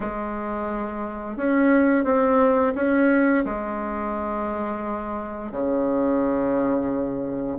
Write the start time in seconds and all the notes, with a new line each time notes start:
0.00 G#3
1.36 C#4
2.04 C4
2.75 C#4
3.44 G#3
5.51 C#3